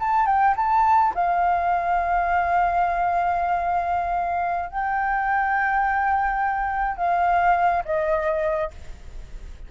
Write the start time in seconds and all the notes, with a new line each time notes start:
0.00 A5
0.26 G5
0.57 A5
1.15 F5
4.70 G5
6.97 F5
7.85 D#5